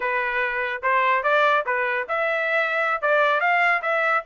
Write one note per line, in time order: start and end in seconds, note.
0.00 0.82 B4
0.82 1.23 C5
1.23 1.64 D5
1.66 2.07 B4
2.08 3.01 E5
3.01 3.40 D5
3.40 3.81 F5
3.82 4.23 E5